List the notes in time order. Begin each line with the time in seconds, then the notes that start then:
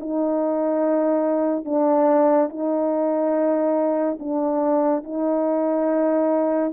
0.00 D#4
1.66 D4
2.50 D#4
4.20 D4
5.04 D#4